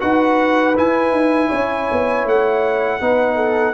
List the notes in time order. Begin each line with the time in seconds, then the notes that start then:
0.00 D#4 F#4 B4 F#5
0.77 E4 G#5
1.12 D#4
1.49 C#4 C#5
1.92 B3
2.25 A3 F#5
3.01 B3 D#4 B4
3.36 A4